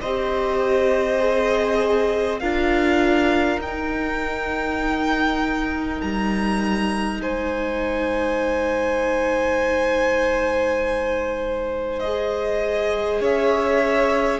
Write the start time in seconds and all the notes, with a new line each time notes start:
0.00 C4 G4 C5 D#5
1.19 G#4
2.39 D4 F4 A#4 F5
3.57 D#4 G5
3.64 D#4
6.01 G3 A#5
7.21 G#3 C5 G#5
11.99 G#4 D#5
13.20 C#4 C#5 E5